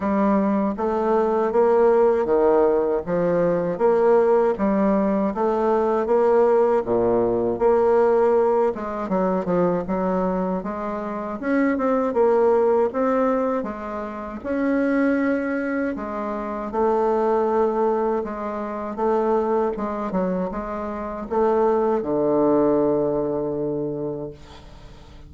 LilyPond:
\new Staff \with { instrumentName = "bassoon" } { \time 4/4 \tempo 4 = 79 g4 a4 ais4 dis4 | f4 ais4 g4 a4 | ais4 ais,4 ais4. gis8 | fis8 f8 fis4 gis4 cis'8 c'8 |
ais4 c'4 gis4 cis'4~ | cis'4 gis4 a2 | gis4 a4 gis8 fis8 gis4 | a4 d2. | }